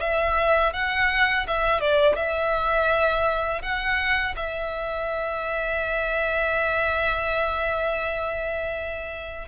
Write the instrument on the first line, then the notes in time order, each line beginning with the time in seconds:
violin
0.00 E5
0.73 F#5
1.47 E5
1.81 D5
2.16 E5
3.62 F#5
4.36 E5